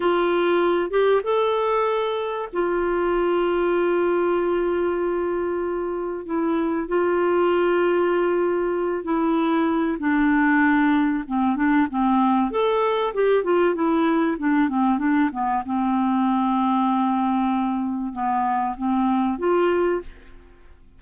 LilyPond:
\new Staff \with { instrumentName = "clarinet" } { \time 4/4 \tempo 4 = 96 f'4. g'8 a'2 | f'1~ | f'2 e'4 f'4~ | f'2~ f'8 e'4. |
d'2 c'8 d'8 c'4 | a'4 g'8 f'8 e'4 d'8 c'8 | d'8 b8 c'2.~ | c'4 b4 c'4 f'4 | }